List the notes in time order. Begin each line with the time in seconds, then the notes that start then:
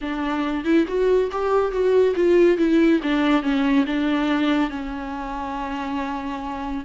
0.01 D4
0.64 E4
0.87 F#4
1.31 G4
1.71 F#4
2.15 F4
2.57 E4
3.02 D4
3.42 C#4
3.86 D4
4.70 C#4